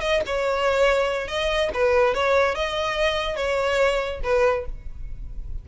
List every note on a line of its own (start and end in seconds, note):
0.00 0.21 D#5
0.26 1.27 C#5
1.27 1.70 D#5
1.73 2.14 B4
2.14 2.54 C#5
2.54 3.36 D#5
3.36 4.20 C#5
4.23 4.65 B4